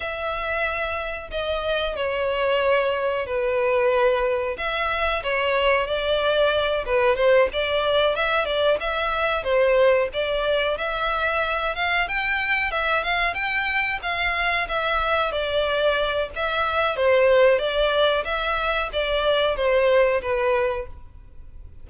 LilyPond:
\new Staff \with { instrumentName = "violin" } { \time 4/4 \tempo 4 = 92 e''2 dis''4 cis''4~ | cis''4 b'2 e''4 | cis''4 d''4. b'8 c''8 d''8~ | d''8 e''8 d''8 e''4 c''4 d''8~ |
d''8 e''4. f''8 g''4 e''8 | f''8 g''4 f''4 e''4 d''8~ | d''4 e''4 c''4 d''4 | e''4 d''4 c''4 b'4 | }